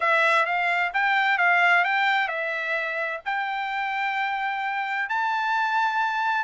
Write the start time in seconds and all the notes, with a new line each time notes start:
0.00 E5
0.45 F5
0.93 G5
1.38 F5
1.84 G5
2.28 E5
3.25 G5
5.09 A5